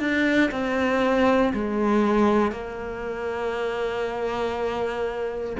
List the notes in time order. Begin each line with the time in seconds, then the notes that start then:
0.00 D4
0.51 C4
1.54 G#3
2.52 A#3